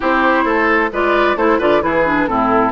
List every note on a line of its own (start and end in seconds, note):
0.00 0.44 C4
0.00 0.91 E4
0.00 0.44 G4
0.00 0.93 C5
0.44 0.90 A3
0.44 0.90 A4
0.92 1.36 G#3
0.92 1.37 F4
0.92 1.36 B4
0.92 1.37 D5
1.36 1.59 A3
1.36 1.60 E4
1.36 1.58 A4
1.36 1.60 C5
1.58 1.82 D3
1.58 1.81 F4
1.58 1.81 B4
1.58 1.82 D5
1.81 2.28 E3
1.81 2.04 E4
1.81 2.29 G#4
1.81 2.27 B4
2.05 2.28 D4
2.27 2.71 A2
2.27 2.71 C4
2.27 2.71 E4
2.27 2.71 A4